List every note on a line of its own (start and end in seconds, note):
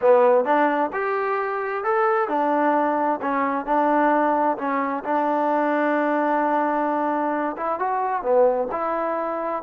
0.01 0.44 B3
0.44 0.90 D4
0.92 1.84 G4
1.84 2.28 A4
2.28 3.19 D4
3.21 3.65 C#4
3.65 4.57 D4
4.57 5.03 C#4
5.04 7.56 D4
7.56 7.79 E4
7.79 8.22 F#4
8.22 8.68 B3
8.71 9.62 E4